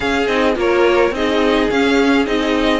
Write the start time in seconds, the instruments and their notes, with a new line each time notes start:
0.00 viola C#4, cello C#4, violin G#4 F5
0.27 cello C4, viola D#4, violin D#5
0.55 cello A#3, viola F4, violin A#4 C#5
1.10 cello C4, viola D#4, violin G#4 D#5
1.69 viola C#4, cello C#4, violin F5
2.25 cello C4, viola D#4, violin D#5